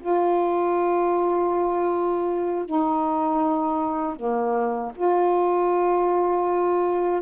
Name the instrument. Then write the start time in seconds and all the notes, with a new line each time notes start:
saxophone
0.00 F4
2.65 D#4
4.16 A#3
4.96 F4